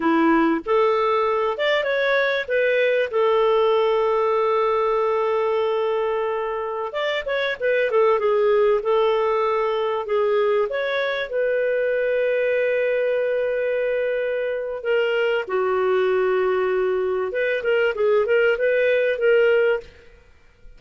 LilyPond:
\new Staff \with { instrumentName = "clarinet" } { \time 4/4 \tempo 4 = 97 e'4 a'4. d''8 cis''4 | b'4 a'2.~ | a'2.~ a'16 d''8 cis''16~ | cis''16 b'8 a'8 gis'4 a'4.~ a'16~ |
a'16 gis'4 cis''4 b'4.~ b'16~ | b'1 | ais'4 fis'2. | b'8 ais'8 gis'8 ais'8 b'4 ais'4 | }